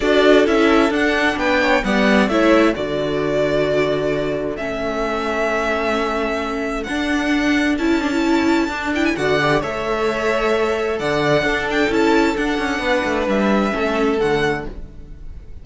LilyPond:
<<
  \new Staff \with { instrumentName = "violin" } { \time 4/4 \tempo 4 = 131 d''4 e''4 fis''4 g''4 | fis''4 e''4 d''2~ | d''2 e''2~ | e''2. fis''4~ |
fis''4 a''2~ a''8 g''16 gis''16 | fis''4 e''2. | fis''4. g''8 a''4 fis''4~ | fis''4 e''2 fis''4 | }
  \new Staff \with { instrumentName = "violin" } { \time 4/4 a'2. b'8 cis''8 | d''4 cis''4 a'2~ | a'1~ | a'1~ |
a'1 | d''4 cis''2. | d''4 a'2. | b'2 a'2 | }
  \new Staff \with { instrumentName = "viola" } { \time 4/4 fis'4 e'4 d'2 | b4 e'4 fis'2~ | fis'2 cis'2~ | cis'2. d'4~ |
d'4 e'8 d'16 e'4~ e'16 d'8 e'8 | fis'8 g'8 a'2.~ | a'4 d'4 e'4 d'4~ | d'2 cis'4 a4 | }
  \new Staff \with { instrumentName = "cello" } { \time 4/4 d'4 cis'4 d'4 b4 | g4 a4 d2~ | d2 a2~ | a2. d'4~ |
d'4 cis'2 d'4 | d4 a2. | d4 d'4 cis'4 d'8 cis'8 | b8 a8 g4 a4 d4 | }
>>